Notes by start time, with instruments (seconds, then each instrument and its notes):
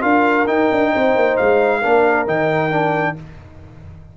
0.00 tuba D4, trombone F4, horn A#4, trumpet F5
0.47 trombone D#4, tuba D#4, trumpet G5
0.71 tuba D4
0.92 tuba C4, horn C5
1.15 tuba A#3
1.36 tuba G#3, trumpet F5
1.80 tuba A#3, trombone D4, horn A#4
2.26 tuba D#3, trombone D#4, trumpet G5
2.70 trombone D4